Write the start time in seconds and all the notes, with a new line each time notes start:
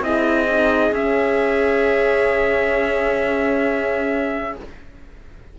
0.00 C4 E4 G#4 D#5
0.49 D#4
0.92 C#4 E5